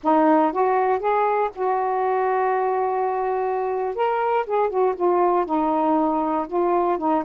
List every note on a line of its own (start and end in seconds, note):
0.03 0.52 D#4
0.52 0.99 F#4
0.99 1.50 G#4
1.55 3.95 F#4
3.95 4.46 A#4
4.46 4.69 G#4
4.69 4.95 F#4
4.95 5.45 F4
5.45 6.47 D#4
6.47 6.98 F4
6.98 7.23 D#4